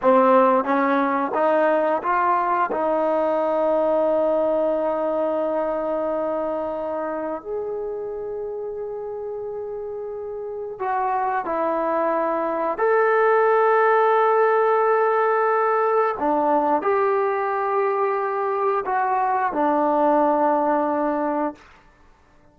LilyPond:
\new Staff \with { instrumentName = "trombone" } { \time 4/4 \tempo 4 = 89 c'4 cis'4 dis'4 f'4 | dis'1~ | dis'2. gis'4~ | gis'1 |
fis'4 e'2 a'4~ | a'1 | d'4 g'2. | fis'4 d'2. | }